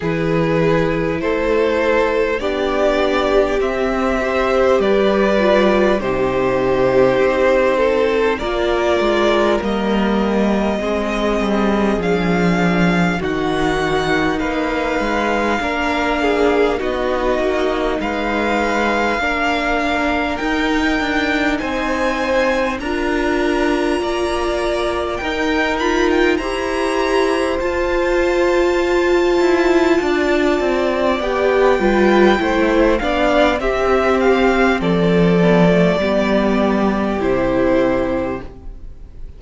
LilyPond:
<<
  \new Staff \with { instrumentName = "violin" } { \time 4/4 \tempo 4 = 50 b'4 c''4 d''4 e''4 | d''4 c''2 d''4 | dis''2 f''4 fis''4 | f''2 dis''4 f''4~ |
f''4 g''4 gis''4 ais''4~ | ais''4 g''8 b''16 g''16 ais''4 a''4~ | a''2 g''4. f''8 | e''8 f''8 d''2 c''4 | }
  \new Staff \with { instrumentName = "violin" } { \time 4/4 gis'4 a'4 g'4. c''8 | b'4 g'4. a'8 ais'4~ | ais'4 gis'2 fis'4 | b'4 ais'8 gis'8 fis'4 b'4 |
ais'2 c''4 ais'4 | d''4 ais'4 c''2~ | c''4 d''4. b'8 c''8 d''8 | g'4 a'4 g'2 | }
  \new Staff \with { instrumentName = "viola" } { \time 4/4 e'2 d'4 c'8 g'8~ | g'8 f'8 dis'2 f'4 | ais4 c'4 d'4 dis'4~ | dis'4 d'4 dis'2 |
d'4 dis'2 f'4~ | f'4 dis'8 f'8 g'4 f'4~ | f'2 g'8 f'8 e'8 d'8 | c'4. b16 a16 b4 e'4 | }
  \new Staff \with { instrumentName = "cello" } { \time 4/4 e4 a4 b4 c'4 | g4 c4 c'4 ais8 gis8 | g4 gis8 g8 f4 dis4 | ais8 gis8 ais4 b8 ais8 gis4 |
ais4 dis'8 d'8 c'4 d'4 | ais4 dis'4 e'4 f'4~ | f'8 e'8 d'8 c'8 b8 g8 a8 b8 | c'4 f4 g4 c4 | }
>>